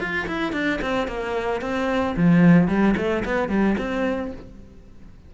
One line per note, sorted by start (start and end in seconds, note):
0.00 0.27 F4
0.28 0.53 E4
0.53 0.80 D4
0.82 1.08 C4
1.08 1.61 A#3
1.61 2.15 C4
2.17 2.68 F3
2.68 2.95 G3
2.97 3.24 A3
3.25 3.49 B3
3.49 3.76 G3
3.78 4.32 C4